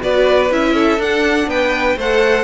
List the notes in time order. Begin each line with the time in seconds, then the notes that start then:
0.00 B3 F#4 B4 D5
0.50 C#4 E4 E5
0.73 A4
0.98 D4 F#5
1.47 B3 B4 G5
1.96 A3 A4 C5 F#5